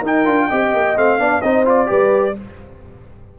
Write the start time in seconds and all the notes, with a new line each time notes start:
0.00 D#4 A#4
0.07 G5
0.25 D4 F4
0.49 C4 G4 D#5
0.74 A#3
0.97 A3 C4 F5
1.19 B3 D4 D5
1.42 C4 D#4 C5 D#5
1.65 F4 D5
1.87 G3 G4 B4